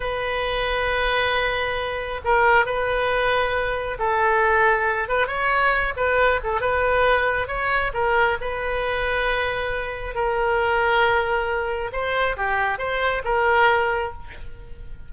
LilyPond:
\new Staff \with { instrumentName = "oboe" } { \time 4/4 \tempo 4 = 136 b'1~ | b'4 ais'4 b'2~ | b'4 a'2~ a'8 b'8 | cis''4. b'4 a'8 b'4~ |
b'4 cis''4 ais'4 b'4~ | b'2. ais'4~ | ais'2. c''4 | g'4 c''4 ais'2 | }